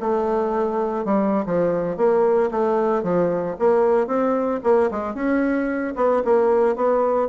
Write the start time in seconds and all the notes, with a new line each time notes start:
0.00 A3
1.05 G3
1.45 F3
1.97 A#3
2.51 A3
3.03 F3
3.59 A#3
4.07 C4
4.63 A#3
4.91 G#3
5.14 C#4
5.95 B3
6.24 A#3
6.76 B3